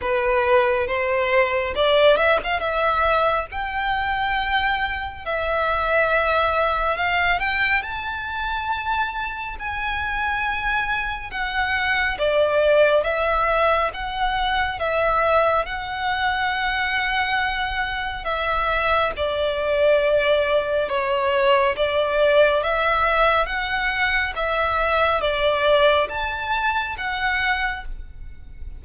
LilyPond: \new Staff \with { instrumentName = "violin" } { \time 4/4 \tempo 4 = 69 b'4 c''4 d''8 e''16 f''16 e''4 | g''2 e''2 | f''8 g''8 a''2 gis''4~ | gis''4 fis''4 d''4 e''4 |
fis''4 e''4 fis''2~ | fis''4 e''4 d''2 | cis''4 d''4 e''4 fis''4 | e''4 d''4 a''4 fis''4 | }